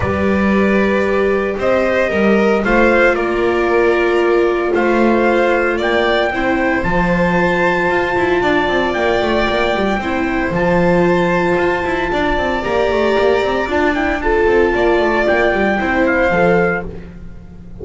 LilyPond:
<<
  \new Staff \with { instrumentName = "trumpet" } { \time 4/4 \tempo 4 = 114 d''2. dis''4~ | dis''4 f''4 d''2~ | d''4 f''2 g''4~ | g''4 a''2.~ |
a''4 g''2. | a''1 | ais''2 a''8 g''8 a''4~ | a''4 g''4. f''4. | }
  \new Staff \with { instrumentName = "violin" } { \time 4/4 b'2. c''4 | ais'4 c''4 ais'2~ | ais'4 c''2 d''4 | c''1 |
d''2. c''4~ | c''2. d''4~ | d''2. a'4 | d''2 c''2 | }
  \new Staff \with { instrumentName = "viola" } { \time 4/4 g'1~ | g'4 f'2.~ | f'1 | e'4 f'2.~ |
f'2. e'4 | f'1 | g'2 f'8 e'8 f'4~ | f'2 e'4 a'4 | }
  \new Staff \with { instrumentName = "double bass" } { \time 4/4 g2. c'4 | g4 a4 ais2~ | ais4 a2 ais4 | c'4 f2 f'8 e'8 |
d'8 c'8 ais8 a8 ais8 g8 c'4 | f2 f'8 e'8 d'8 c'8 | ais8 a8 ais8 c'8 d'4. c'8 | ais8 a8 ais8 g8 c'4 f4 | }
>>